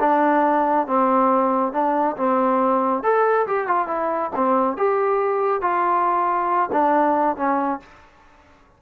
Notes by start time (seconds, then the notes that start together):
0.00 D4
0.87 C4
1.73 D4
2.17 C4
3.03 A4
3.47 G4
3.68 F4
3.88 E4
4.35 C4
4.77 G4
5.61 F4
6.72 D4
7.36 C#4